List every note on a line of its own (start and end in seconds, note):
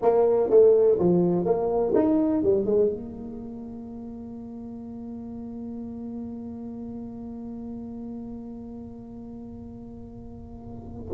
0.02 0.50 A#3
0.50 0.98 A3
0.98 1.45 F3
1.45 1.93 A#3
1.94 2.42 D#4
2.42 2.65 G3
2.65 2.89 G#3
2.89 11.12 A#3